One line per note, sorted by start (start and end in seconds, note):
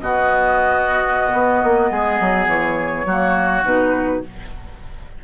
0.00 1.33 B2
0.00 3.08 B3
0.00 1.91 F#4
0.00 2.48 D#5
1.33 1.62 B3
1.64 1.91 A#3
1.91 2.20 G#3
1.91 3.07 G#4
2.20 2.47 F#3
2.47 3.06 E3
2.47 3.64 C#5
3.06 3.63 F#3
3.06 3.65 A#3
3.06 4.23 F#4
3.63 4.21 B2
3.63 4.23 D#4
3.63 4.24 B4